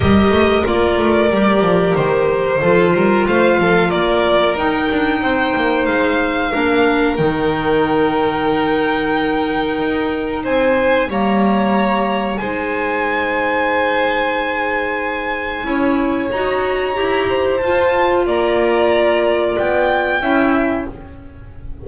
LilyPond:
<<
  \new Staff \with { instrumentName = "violin" } { \time 4/4 \tempo 4 = 92 dis''4 d''2 c''4~ | c''4 f''4 d''4 g''4~ | g''4 f''2 g''4~ | g''1 |
gis''4 ais''2 gis''4~ | gis''1~ | gis''4 ais''2 a''4 | ais''2 g''2 | }
  \new Staff \with { instrumentName = "violin" } { \time 4/4 ais'1 | a'8 ais'8 c''8 a'8 ais'2 | c''2 ais'2~ | ais'1 |
c''4 cis''2 c''4~ | c''1 | cis''2~ cis''8 c''4. | d''2. e''4 | }
  \new Staff \with { instrumentName = "clarinet" } { \time 4/4 g'4 f'4 g'2 | f'2. dis'4~ | dis'2 d'4 dis'4~ | dis'1~ |
dis'4 ais2 dis'4~ | dis'1 | e'4 fis'4 g'4 f'4~ | f'2. e'4 | }
  \new Staff \with { instrumentName = "double bass" } { \time 4/4 g8 a8 ais8 a8 g8 f8 dis4 | f8 g8 a8 f8 ais4 dis'8 d'8 | c'8 ais8 gis4 ais4 dis4~ | dis2. dis'4 |
c'4 g2 gis4~ | gis1 | cis'4 dis'4 e'4 f'4 | ais2 b4 cis'4 | }
>>